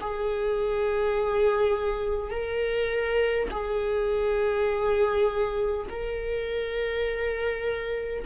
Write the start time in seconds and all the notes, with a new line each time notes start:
0.00 G#4
2.30 A#4
3.50 G#4
5.89 A#4